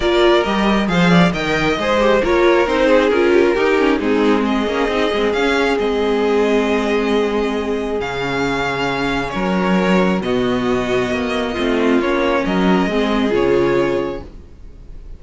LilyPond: <<
  \new Staff \with { instrumentName = "violin" } { \time 4/4 \tempo 4 = 135 d''4 dis''4 f''4 g''4 | c''4 cis''4 c''4 ais'4~ | ais'4 gis'4 dis''2 | f''4 dis''2.~ |
dis''2 f''2~ | f''4 cis''2 dis''4~ | dis''2. cis''4 | dis''2 cis''2 | }
  \new Staff \with { instrumentName = "violin" } { \time 4/4 ais'2 c''8 d''8 dis''4~ | dis''4 ais'4. gis'4 g'16 f'16 | g'4 dis'4 gis'2~ | gis'1~ |
gis'1~ | gis'4 ais'2 fis'4~ | fis'2 f'2 | ais'4 gis'2. | }
  \new Staff \with { instrumentName = "viola" } { \time 4/4 f'4 g'4 gis'4 ais'4 | gis'8 g'8 f'4 dis'4 f'4 | dis'8 cis'8 c'4. cis'8 dis'8 c'8 | cis'4 c'2.~ |
c'2 cis'2~ | cis'2. b4~ | b2 c'4 cis'4~ | cis'4 c'4 f'2 | }
  \new Staff \with { instrumentName = "cello" } { \time 4/4 ais4 g4 f4 dis4 | gis4 ais4 c'4 cis'4 | dis'4 gis4. ais8 c'8 gis8 | cis'4 gis2.~ |
gis2 cis2~ | cis4 fis2 b,4~ | b,4 ais4 a4 ais4 | fis4 gis4 cis2 | }
>>